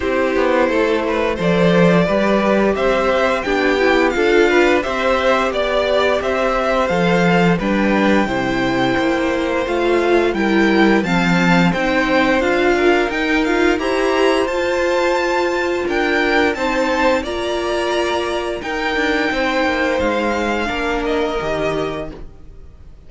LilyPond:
<<
  \new Staff \with { instrumentName = "violin" } { \time 4/4 \tempo 4 = 87 c''2 d''2 | e''4 g''4 f''4 e''4 | d''4 e''4 f''4 g''4~ | g''2 f''4 g''4 |
a''4 g''4 f''4 g''8 f''8 | ais''4 a''2 g''4 | a''4 ais''2 g''4~ | g''4 f''4. dis''4. | }
  \new Staff \with { instrumentName = "violin" } { \time 4/4 g'4 a'8 b'8 c''4 b'4 | c''4 g'4 a'8 b'8 c''4 | d''4 c''2 b'4 | c''2. ais'4 |
f''4 c''4. ais'4. | c''2. ais'4 | c''4 d''2 ais'4 | c''2 ais'2 | }
  \new Staff \with { instrumentName = "viola" } { \time 4/4 e'2 a'4 g'4~ | g'4 d'8 e'8 f'4 g'4~ | g'2 a'4 d'4 | e'2 f'4 e'4 |
c'4 dis'4 f'4 dis'8 f'8 | g'4 f'2. | dis'4 f'2 dis'4~ | dis'2 d'4 g'4 | }
  \new Staff \with { instrumentName = "cello" } { \time 4/4 c'8 b8 a4 f4 g4 | c'4 b4 d'4 c'4 | b4 c'4 f4 g4 | c4 ais4 a4 g4 |
f4 c'4 d'4 dis'4 | e'4 f'2 d'4 | c'4 ais2 dis'8 d'8 | c'8 ais8 gis4 ais4 dis4 | }
>>